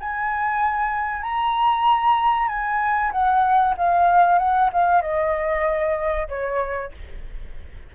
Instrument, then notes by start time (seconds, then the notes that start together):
flute
0.00 G#5
1.22 A#5
2.48 G#5
3.11 F#5
3.77 F5
4.38 F#5
4.73 F5
5.02 D#5
6.28 C#5